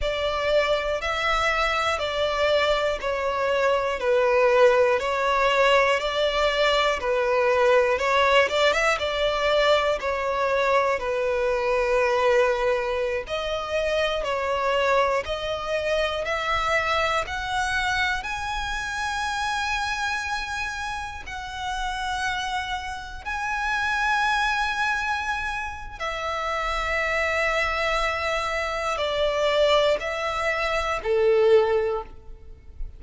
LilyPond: \new Staff \with { instrumentName = "violin" } { \time 4/4 \tempo 4 = 60 d''4 e''4 d''4 cis''4 | b'4 cis''4 d''4 b'4 | cis''8 d''16 e''16 d''4 cis''4 b'4~ | b'4~ b'16 dis''4 cis''4 dis''8.~ |
dis''16 e''4 fis''4 gis''4.~ gis''16~ | gis''4~ gis''16 fis''2 gis''8.~ | gis''2 e''2~ | e''4 d''4 e''4 a'4 | }